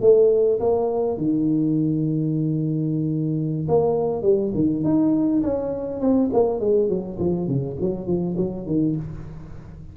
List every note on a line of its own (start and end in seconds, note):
0.00 0.59 A3
0.59 1.17 A#3
1.17 3.67 D#3
3.68 4.22 A#3
4.22 4.51 G3
4.54 4.83 D#3
4.83 5.42 D#4
5.43 6.00 C#4
6.00 6.30 C4
6.33 6.59 A#3
6.59 6.89 G#3
6.89 7.18 F#3
7.19 7.47 F3
7.47 7.76 C#3
7.80 8.06 F#3
8.06 8.36 F3
8.37 8.66 F#3
8.66 8.95 D#3